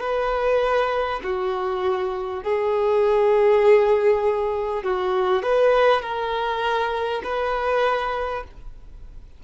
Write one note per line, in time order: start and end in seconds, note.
0.00 1.20 B4
1.23 2.43 F#4
2.43 4.83 G#4
4.83 5.42 F#4
5.42 6.02 B4
6.02 7.22 A#4
7.24 8.44 B4